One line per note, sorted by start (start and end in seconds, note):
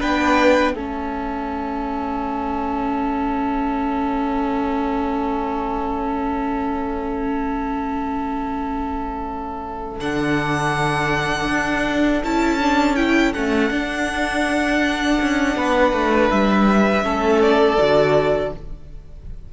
0.00 0.73 B3
0.00 0.76 D4
0.00 0.74 B4
0.00 0.74 G5
0.73 9.99 A3
0.73 10.00 C#4
0.73 15.57 A4
0.73 10.00 E5
10.00 11.49 D3
10.00 12.22 D4
10.00 12.23 F#5
11.49 12.23 D4
12.24 13.35 C#4
12.24 12.60 E4
12.24 12.96 A5
12.60 12.97 D4
12.96 13.34 E4
12.96 13.33 G5
13.33 13.71 A3
13.33 13.71 C#4
13.33 16.30 F#5
13.71 15.19 D4
13.71 17.02 D4
15.21 15.56 C#4
15.56 15.93 B3
15.56 17.04 B4
15.93 16.30 A3
16.31 17.04 G3
16.31 17.42 E5
17.02 17.78 A3
17.02 17.76 C#4
17.02 18.52 A4
17.42 18.53 D5
17.78 18.52 D3
17.78 18.53 F#4